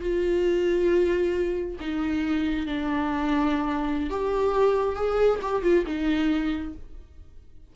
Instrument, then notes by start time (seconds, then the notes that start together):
viola
0.00 F4
1.80 D#4
2.66 D4
4.10 G4
4.95 G#4
5.41 G4
5.62 F4
5.86 D#4